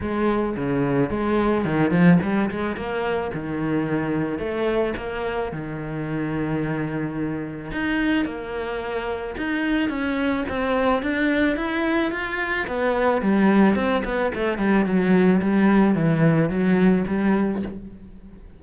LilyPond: \new Staff \with { instrumentName = "cello" } { \time 4/4 \tempo 4 = 109 gis4 cis4 gis4 dis8 f8 | g8 gis8 ais4 dis2 | a4 ais4 dis2~ | dis2 dis'4 ais4~ |
ais4 dis'4 cis'4 c'4 | d'4 e'4 f'4 b4 | g4 c'8 b8 a8 g8 fis4 | g4 e4 fis4 g4 | }